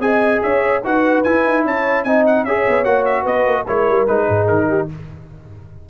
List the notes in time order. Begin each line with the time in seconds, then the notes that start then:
0.00 C4 G#4 D#5 G#5
0.43 C#4 C#5 E5
0.84 D#4 F#4 B4 F#5
1.24 E4 G#5
1.46 D#4
1.65 C#4 C#5 A5
2.04 C4 D#4 D#5 G#5
2.27 F#5
2.45 C#4 G#4 C#5 E5
2.68 B3
2.85 A#3 F#4 F#5
3.06 E5
3.23 B3 B4 D#5
3.47 A#3
3.67 G#3 E4 A#4 C#5
3.89 G3
4.08 G#3 D#4 B4
4.29 G#2 G#4
4.48 D#3 A#4
4.69 G4